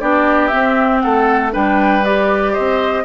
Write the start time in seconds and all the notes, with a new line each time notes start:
0.00 B3 D4 G4 D5
0.47 C4 E5
0.99 A3 A4 F#5
1.51 G3 D4 B4 G5
2.04 G4 D5
2.52 C4 C5 D#5